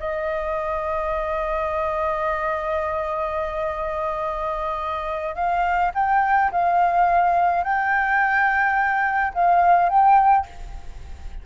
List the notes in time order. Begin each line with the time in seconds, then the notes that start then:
0.00 D#5
5.35 F5
5.95 G5
6.52 F5
7.64 G5
9.34 F5
9.89 G5